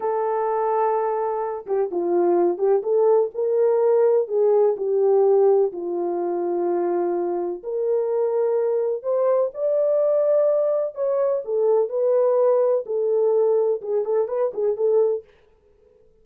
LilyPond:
\new Staff \with { instrumentName = "horn" } { \time 4/4 \tempo 4 = 126 a'2.~ a'8 g'8 | f'4. g'8 a'4 ais'4~ | ais'4 gis'4 g'2 | f'1 |
ais'2. c''4 | d''2. cis''4 | a'4 b'2 a'4~ | a'4 gis'8 a'8 b'8 gis'8 a'4 | }